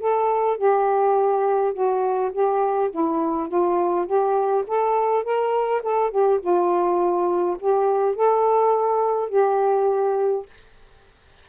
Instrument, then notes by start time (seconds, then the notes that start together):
saxophone
0.00 A4
0.57 G4
1.73 F#4
2.32 G4
2.91 E4
3.48 F4
4.06 G4
4.67 A4
5.24 A#4
5.83 A4
6.11 G4
6.41 F4
7.60 G4
8.16 A4
9.29 G4